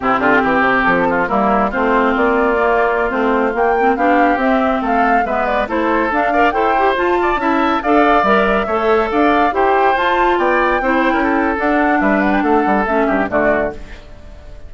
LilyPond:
<<
  \new Staff \with { instrumentName = "flute" } { \time 4/4 \tempo 4 = 140 g'2 a'4 ais'4 | c''4 d''2~ d''16 c''8.~ | c''16 g''4 f''4 e''4 f''8.~ | f''16 e''8 d''8 c''4 f''4 g''8.~ |
g''16 a''2 f''4 e''8.~ | e''4~ e''16 f''4 g''4 a''8.~ | a''16 g''2~ g''8. fis''4 | e''8 fis''16 g''16 fis''4 e''4 d''4 | }
  \new Staff \with { instrumentName = "oboe" } { \time 4/4 e'8 f'8 g'4. f'8 e'4 | f'1~ | f'4~ f'16 g'2 a'8.~ | a'16 b'4 a'4. d''8 c''8.~ |
c''8. d''8 e''4 d''4.~ d''16~ | d''16 cis''4 d''4 c''4.~ c''16~ | c''16 d''4 c''8. ais'16 a'4.~ a'16 | b'4 a'4. g'8 fis'4 | }
  \new Staff \with { instrumentName = "clarinet" } { \time 4/4 c'2. ais4 | c'2 ais4~ ais16 c'8.~ | c'16 ais8 c'8 d'4 c'4.~ c'16~ | c'16 b4 e'4 d'8 ais'8 a'8 g'16~ |
g'16 f'4 e'4 a'4 ais'8.~ | ais'16 a'2 g'4 f'8.~ | f'4~ f'16 e'4.~ e'16 d'4~ | d'2 cis'4 a4 | }
  \new Staff \with { instrumentName = "bassoon" } { \time 4/4 c8 d8 e8 c8 f4 g4 | a4 ais2~ ais16 a8.~ | a16 ais4 b4 c'4 a8.~ | a16 gis4 a4 d'4 e'8.~ |
e'16 f'4 cis'4 d'4 g8.~ | g16 a4 d'4 e'4 f'8.~ | f'16 b4 c'8. cis'4 d'4 | g4 a8 g8 a8 g,8 d4 | }
>>